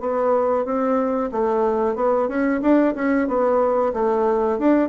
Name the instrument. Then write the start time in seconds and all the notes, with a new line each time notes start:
bassoon
0.00 B3
0.65 C4
1.32 A3
1.95 B3
2.28 C#4
2.62 D4
2.95 C#4
3.28 B3
3.94 A3
4.59 D4